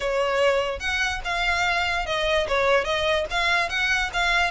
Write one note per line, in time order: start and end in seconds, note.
0.00 0.79 C#5
0.79 1.20 F#5
1.24 2.06 F5
2.06 2.47 D#5
2.48 2.84 C#5
2.84 3.25 D#5
3.30 3.69 F5
3.69 4.10 F#5
4.13 4.50 F5